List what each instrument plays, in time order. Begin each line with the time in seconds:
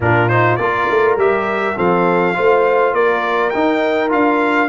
0.00 tuba A#2, trombone D4, horn F4, trumpet A#4
0.28 trombone D#4, trumpet C5
0.56 tuba A#3, trombone F4, horn A#4, trumpet D5
0.90 tuba A3
1.16 tuba G3, trombone G4, trumpet E5
1.76 tuba F3, trombone C4, horn A4, trumpet F5
2.34 tuba A3, trombone F4, horn C5
2.93 tuba A#3, horn A#4, trumpet D5
3.50 tuba D#4, trombone D#4, trumpet G5
4.09 tuba D4, trombone F4, trumpet F5